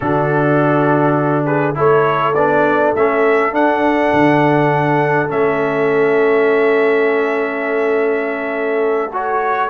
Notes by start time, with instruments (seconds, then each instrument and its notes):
0.00 tuba D3, trombone D4, horn F#4, trumpet A4
1.45 horn G#4, trumpet B4
1.75 tuba A3, trombone E4, horn A4, trumpet C#5
2.34 tuba B3, trombone D4, trumpet D5
2.95 tuba A3, trombone C#4, trumpet E5
3.52 trombone D4, tuba D4, trumpet F#5
4.12 tuba D3
5.27 tuba A3, trombone C#4, trumpet E5
9.12 trombone F#4, trumpet C#5